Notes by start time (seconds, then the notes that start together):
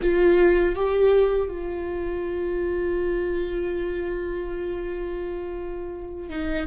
0.01 F4
0.75 G4
1.48 F4
6.29 D#4